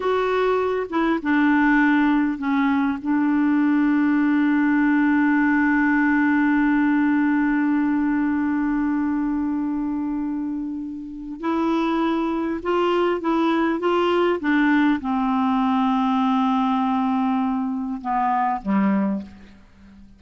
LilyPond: \new Staff \with { instrumentName = "clarinet" } { \time 4/4 \tempo 4 = 100 fis'4. e'8 d'2 | cis'4 d'2.~ | d'1~ | d'1~ |
d'2. e'4~ | e'4 f'4 e'4 f'4 | d'4 c'2.~ | c'2 b4 g4 | }